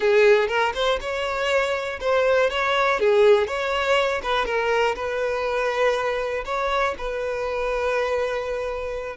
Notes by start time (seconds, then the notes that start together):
0.00 G#4
0.48 A#4
0.74 C5
1.00 C#5
2.00 C5
2.50 C#5
2.99 G#4
3.47 C#5
4.22 B4
4.45 A#4
4.95 B4
6.45 C#5
6.98 B4